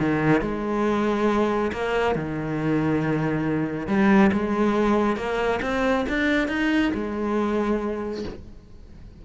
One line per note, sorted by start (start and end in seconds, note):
0.00 0.42 D#3
0.42 1.72 G#3
1.73 2.15 A#3
2.15 3.87 D#3
3.87 4.31 G3
4.33 5.17 G#3
5.17 5.60 A#3
5.62 6.06 C4
6.09 6.48 D4
6.48 6.92 D#4
6.94 8.25 G#3